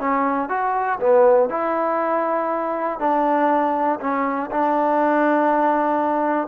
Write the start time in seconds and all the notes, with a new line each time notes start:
0.00 C#4
0.50 F#4
1.00 B3
1.50 E4
3.00 D4
4.00 C#4
4.52 D4